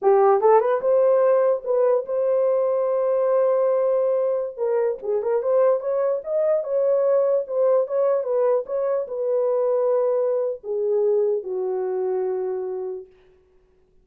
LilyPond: \new Staff \with { instrumentName = "horn" } { \time 4/4 \tempo 4 = 147 g'4 a'8 b'8 c''2 | b'4 c''2.~ | c''2.~ c''16 ais'8.~ | ais'16 gis'8 ais'8 c''4 cis''4 dis''8.~ |
dis''16 cis''2 c''4 cis''8.~ | cis''16 b'4 cis''4 b'4.~ b'16~ | b'2 gis'2 | fis'1 | }